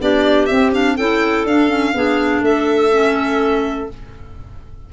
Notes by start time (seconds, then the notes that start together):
0.00 B3 D4 G4 D5
0.46 C4 E5
0.73 D4 F5
0.96 C#4 E4 A4 G5
1.45 D4 F5
1.68 C#4
1.95 B3 D4 G#4
2.41 A3 A4 E5
2.92 C#4